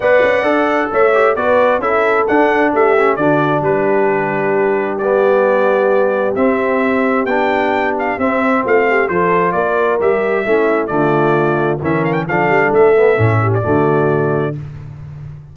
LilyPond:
<<
  \new Staff \with { instrumentName = "trumpet" } { \time 4/4 \tempo 4 = 132 fis''2 e''4 d''4 | e''4 fis''4 e''4 d''4 | b'2. d''4~ | d''2 e''2 |
g''4. f''8 e''4 f''4 | c''4 d''4 e''2 | d''2 e''8 f''16 g''16 f''4 | e''4.~ e''16 d''2~ d''16 | }
  \new Staff \with { instrumentName = "horn" } { \time 4/4 d''2 cis''4 b'4 | a'2 g'4 fis'4 | g'1~ | g'1~ |
g'2. f'8 g'8 | a'4 ais'2 e'4 | f'2 ais'4 a'4~ | a'4. g'8 fis'2 | }
  \new Staff \with { instrumentName = "trombone" } { \time 4/4 b'4 a'4. g'8 fis'4 | e'4 d'4. cis'8 d'4~ | d'2. b4~ | b2 c'2 |
d'2 c'2 | f'2 g'4 cis'4 | a2 cis'4 d'4~ | d'8 b8 cis'4 a2 | }
  \new Staff \with { instrumentName = "tuba" } { \time 4/4 b8 cis'8 d'4 a4 b4 | cis'4 d'4 a4 d4 | g1~ | g2 c'2 |
b2 c'4 a4 | f4 ais4 g4 a4 | d2 e4 f8 g8 | a4 a,4 d2 | }
>>